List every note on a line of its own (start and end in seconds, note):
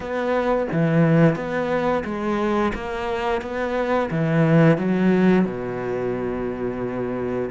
0.00 0.67 B3
0.72 1.35 E3
1.35 2.03 B3
2.04 2.72 G#3
2.74 3.41 A#3
3.41 4.09 B3
4.10 4.77 E3
4.77 5.45 F#3
5.45 7.49 B2